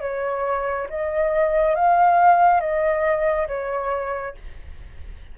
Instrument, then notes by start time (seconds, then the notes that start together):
flute
0.00 C#5
0.89 D#5
1.75 F5
2.60 D#5
3.47 C#5